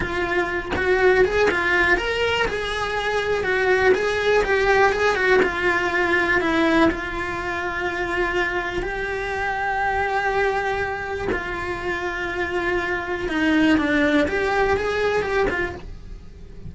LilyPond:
\new Staff \with { instrumentName = "cello" } { \time 4/4 \tempo 4 = 122 f'4. fis'4 gis'8 f'4 | ais'4 gis'2 fis'4 | gis'4 g'4 gis'8 fis'8 f'4~ | f'4 e'4 f'2~ |
f'2 g'2~ | g'2. f'4~ | f'2. dis'4 | d'4 g'4 gis'4 g'8 f'8 | }